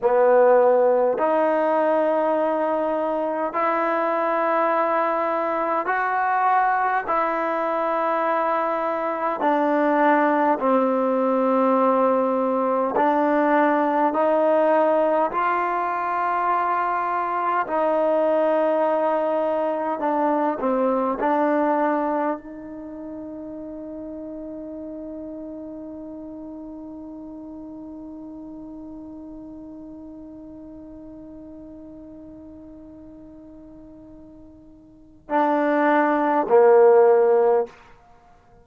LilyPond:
\new Staff \with { instrumentName = "trombone" } { \time 4/4 \tempo 4 = 51 b4 dis'2 e'4~ | e'4 fis'4 e'2 | d'4 c'2 d'4 | dis'4 f'2 dis'4~ |
dis'4 d'8 c'8 d'4 dis'4~ | dis'1~ | dis'1~ | dis'2 d'4 ais4 | }